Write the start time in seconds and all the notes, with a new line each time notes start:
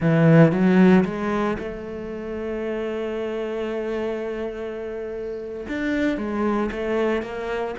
0.00 E3
0.51 F#3
1.04 G#3
1.58 A3
5.68 D4
6.17 G#3
6.71 A3
7.22 A#3